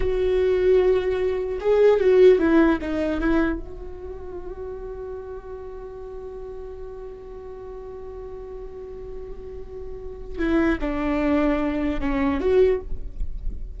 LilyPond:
\new Staff \with { instrumentName = "viola" } { \time 4/4 \tempo 4 = 150 fis'1 | gis'4 fis'4 e'4 dis'4 | e'4 fis'2.~ | fis'1~ |
fis'1~ | fis'1~ | fis'2 e'4 d'4~ | d'2 cis'4 fis'4 | }